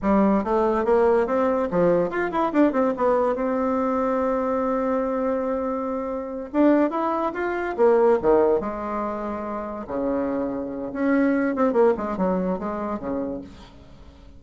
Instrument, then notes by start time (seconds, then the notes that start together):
bassoon
0.02 G3
0.44 A3
0.84 A#3
1.26 C4
1.70 F3
2.10 F4
2.31 E4
2.53 D4
2.72 C4
2.96 B3
3.35 C4
6.52 D4
6.90 E4
7.33 F4
7.76 A#3
8.22 D#3
8.60 G#3
9.87 C#3
10.92 C#4
11.55 C4
11.72 A#3
11.97 G#3
12.17 F#3
12.58 G#3
12.99 C#3